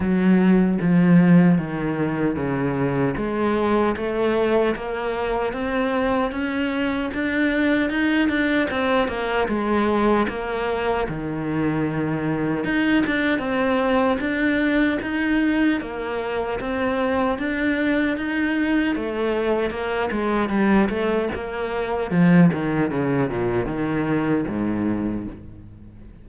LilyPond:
\new Staff \with { instrumentName = "cello" } { \time 4/4 \tempo 4 = 76 fis4 f4 dis4 cis4 | gis4 a4 ais4 c'4 | cis'4 d'4 dis'8 d'8 c'8 ais8 | gis4 ais4 dis2 |
dis'8 d'8 c'4 d'4 dis'4 | ais4 c'4 d'4 dis'4 | a4 ais8 gis8 g8 a8 ais4 | f8 dis8 cis8 ais,8 dis4 gis,4 | }